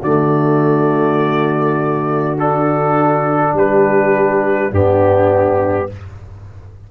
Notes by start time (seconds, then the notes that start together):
0.00 D3 A3 F#4 D5
2.37 D4 A4
3.53 G3 G4 B4
4.72 G2 B3 D4 G4